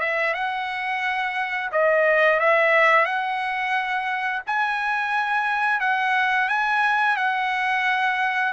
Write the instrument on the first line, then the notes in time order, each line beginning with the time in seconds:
trumpet
0.00 E5
0.34 F#5
1.72 D#5
2.40 E5
3.06 F#5
4.47 G#5
5.80 F#5
6.49 G#5
7.17 F#5